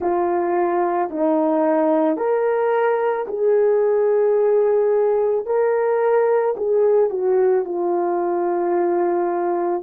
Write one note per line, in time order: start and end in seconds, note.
0.00 1.10 F4
1.10 2.17 D#4
2.17 3.26 A#4
3.27 5.45 G#4
5.45 6.55 A#4
6.57 7.10 G#4
7.10 7.64 F#4
7.64 9.82 F4